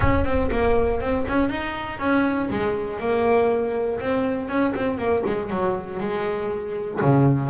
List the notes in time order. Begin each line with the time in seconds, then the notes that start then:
0.00 C#4
0.25 C4
0.51 A#3
1.00 C4
1.27 C#4
1.49 D#4
1.99 C#4
2.50 G#3
2.99 A#3
4.00 C4
4.48 C#4
4.75 C4
4.98 A#3
5.25 G#3
5.50 F#3
6.00 G#3
7.01 C#3